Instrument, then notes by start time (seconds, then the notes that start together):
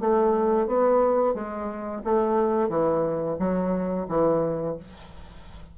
bassoon
0.00 A3
0.67 B3
1.34 G#3
2.04 A3
2.69 E3
3.39 F#3
4.08 E3